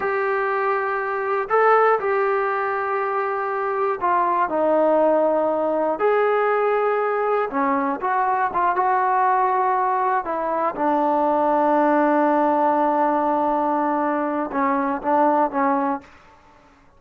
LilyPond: \new Staff \with { instrumentName = "trombone" } { \time 4/4 \tempo 4 = 120 g'2. a'4 | g'1 | f'4 dis'2. | gis'2. cis'4 |
fis'4 f'8 fis'2~ fis'8~ | fis'8 e'4 d'2~ d'8~ | d'1~ | d'4 cis'4 d'4 cis'4 | }